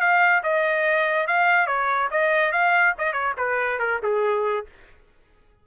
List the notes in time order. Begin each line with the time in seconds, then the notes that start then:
0.00 F5
0.43 D#5
1.27 F5
1.67 C#5
2.11 D#5
2.52 F5
2.98 D#5
3.13 C#5
3.37 B4
3.79 A#4
4.03 G#4